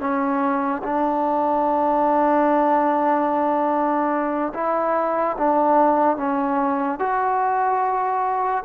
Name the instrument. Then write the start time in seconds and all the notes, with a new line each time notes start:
trombone
0.00 C#4
0.83 D4
4.54 E4
5.38 D4
6.17 C#4
6.99 F#4